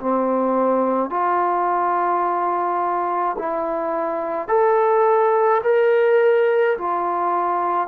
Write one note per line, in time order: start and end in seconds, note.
0.00 1.10 C4
1.10 3.37 F4
3.38 4.48 E4
4.48 5.61 A4
5.64 6.77 A#4
6.78 7.88 F4